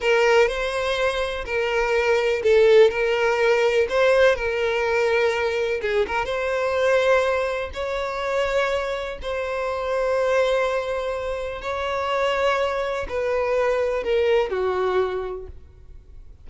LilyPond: \new Staff \with { instrumentName = "violin" } { \time 4/4 \tempo 4 = 124 ais'4 c''2 ais'4~ | ais'4 a'4 ais'2 | c''4 ais'2. | gis'8 ais'8 c''2. |
cis''2. c''4~ | c''1 | cis''2. b'4~ | b'4 ais'4 fis'2 | }